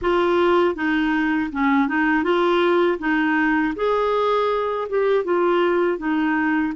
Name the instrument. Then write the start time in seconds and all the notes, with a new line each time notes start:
clarinet
0.01 F4
0.75 D#4
1.51 C#4
1.88 D#4
2.23 F4
2.98 D#4
3.75 G#4
4.89 G4
5.24 F4
5.98 D#4